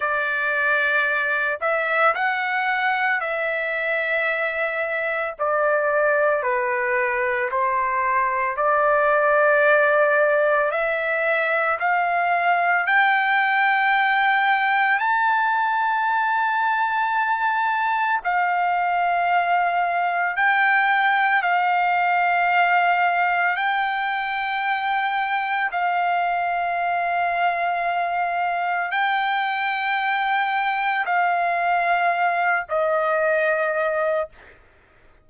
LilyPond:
\new Staff \with { instrumentName = "trumpet" } { \time 4/4 \tempo 4 = 56 d''4. e''8 fis''4 e''4~ | e''4 d''4 b'4 c''4 | d''2 e''4 f''4 | g''2 a''2~ |
a''4 f''2 g''4 | f''2 g''2 | f''2. g''4~ | g''4 f''4. dis''4. | }